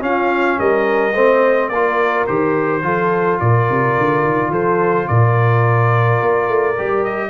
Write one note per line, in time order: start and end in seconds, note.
0.00 1.12 C#4
0.00 0.58 C#4
0.00 0.60 F4
0.00 0.60 F5
0.60 1.15 G3
0.60 1.14 A#4
0.60 1.69 D#5
1.14 1.70 A3
1.14 1.73 C4
1.14 1.70 C5
1.69 2.26 A#3
1.69 2.28 F4
1.69 2.84 A#4
1.69 2.25 D5
2.27 2.83 D#3
2.27 2.83 G4
2.27 3.39 C5
2.83 3.39 F3
2.83 6.75 F4
2.83 3.41 A4
3.40 3.69 A#2
3.40 4.51 A#4
3.40 4.52 D5
3.70 3.98 C3
3.98 4.25 D3
4.25 4.50 D#3
4.50 5.06 F3
4.50 5.07 A4
4.50 5.08 C5
5.08 6.22 A#2
5.08 7.30 A#4
5.08 7.04 D5
6.22 6.48 A#3
6.48 6.76 A3
6.78 7.30 G3
6.78 7.30 G4
7.04 7.30 D#5